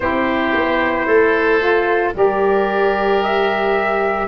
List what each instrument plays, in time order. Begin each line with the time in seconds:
0.00 tuba C4, saxophone E4, oboe G4, trumpet C5
0.53 tuba B3
1.06 tuba A3, oboe A4
1.59 saxophone F4
2.13 tuba G3, saxophone G4, oboe A#4, trumpet D5
3.23 trumpet E5